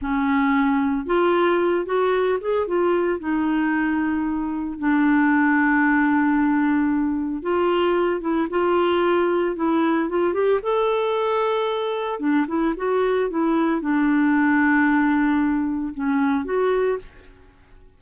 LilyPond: \new Staff \with { instrumentName = "clarinet" } { \time 4/4 \tempo 4 = 113 cis'2 f'4. fis'8~ | fis'8 gis'8 f'4 dis'2~ | dis'4 d'2.~ | d'2 f'4. e'8 |
f'2 e'4 f'8 g'8 | a'2. d'8 e'8 | fis'4 e'4 d'2~ | d'2 cis'4 fis'4 | }